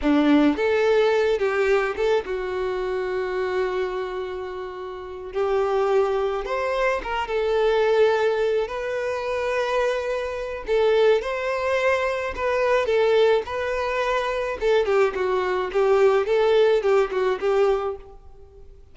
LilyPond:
\new Staff \with { instrumentName = "violin" } { \time 4/4 \tempo 4 = 107 d'4 a'4. g'4 a'8 | fis'1~ | fis'4. g'2 c''8~ | c''8 ais'8 a'2~ a'8 b'8~ |
b'2. a'4 | c''2 b'4 a'4 | b'2 a'8 g'8 fis'4 | g'4 a'4 g'8 fis'8 g'4 | }